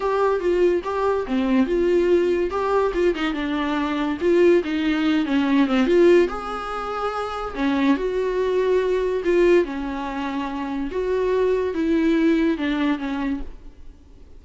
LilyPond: \new Staff \with { instrumentName = "viola" } { \time 4/4 \tempo 4 = 143 g'4 f'4 g'4 c'4 | f'2 g'4 f'8 dis'8 | d'2 f'4 dis'4~ | dis'8 cis'4 c'8 f'4 gis'4~ |
gis'2 cis'4 fis'4~ | fis'2 f'4 cis'4~ | cis'2 fis'2 | e'2 d'4 cis'4 | }